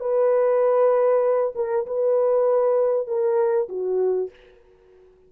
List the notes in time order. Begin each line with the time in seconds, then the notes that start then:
0.00 B4
1.55 A#4
1.86 B4
3.07 A#4
3.69 F#4